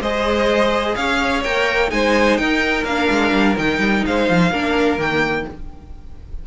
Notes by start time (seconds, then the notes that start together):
0.00 G#3 G#4 C5 D#5
0.95 C#4 C#5 F5
1.43 A#3 A#4 G5
1.88 G#3 D#4 C5 G#5
2.37 D#4 A#4 G5
2.84 A#3 D4 F5
3.10 G#3
3.32 G3
3.56 D#3 D#4 G5
3.79 G3
4.05 G#3 C5 F5
4.29 F3
4.50 A#3 D4 A#4
4.97 D#3 A#3 G5